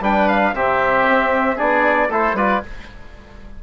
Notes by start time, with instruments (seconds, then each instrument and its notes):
0.00 bassoon G3, trombone D4, oboe B4, trumpet G5
0.29 trumpet F5
0.54 bassoon C3, trombone C4, oboe G4, trumpet E5
1.08 bassoon C4
1.56 bassoon B3, trombone D4, oboe G#4, trumpet D5
2.09 bassoon A3, trombone E4, oboe A4, trumpet C5
2.33 bassoon G3, trombone F4, oboe B4, trumpet D5